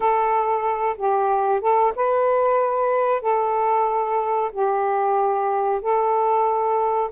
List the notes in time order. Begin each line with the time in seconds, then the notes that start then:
0.00 A4
0.97 G4
1.60 A4
1.95 B4
3.21 A4
4.52 G4
5.81 A4